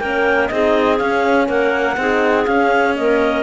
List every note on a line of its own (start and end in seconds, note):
0.00 0.50 A#3
0.00 0.51 C#4
0.00 0.50 A#4
0.00 0.48 G5
0.48 1.01 C4
0.48 0.99 D#4
0.48 1.47 G#4
0.48 0.97 D#5
0.98 1.97 C#4
0.98 1.49 C#4
0.98 1.47 F5
1.47 1.97 A#3
1.47 1.97 A#4
1.47 2.46 F#5
1.97 2.46 C4
1.97 2.46 D#4
1.97 2.98 G#4
2.46 2.95 C#4
2.46 3.43 C#4
2.46 2.95 F5
2.95 3.43 A#3
2.95 3.43 A#4
2.95 3.43 D#5